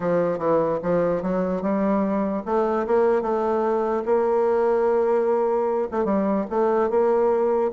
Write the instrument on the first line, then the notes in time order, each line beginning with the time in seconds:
bassoon
0.00 F3
0.38 E3
0.82 F3
1.22 F#3
1.61 G3
2.45 A3
2.87 A#3
3.22 A3
4.05 A#3
5.91 A3
6.04 G3
6.50 A3
6.90 A#3